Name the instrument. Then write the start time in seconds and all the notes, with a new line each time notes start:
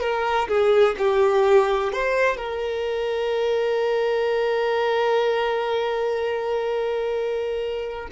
violin
0.00 A#4
0.48 G#4
0.98 G4
1.92 C5
2.37 A#4